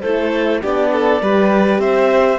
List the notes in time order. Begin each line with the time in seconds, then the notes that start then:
0.00 A3 E4 A4 C5
0.61 B3 D4 G4 D5
0.92 A4
1.21 G3 G4 B4
1.78 C4 C5 E5